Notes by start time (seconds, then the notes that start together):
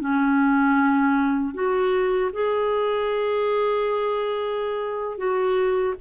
0.00 C#4
1.54 F#4
2.33 G#4
5.17 F#4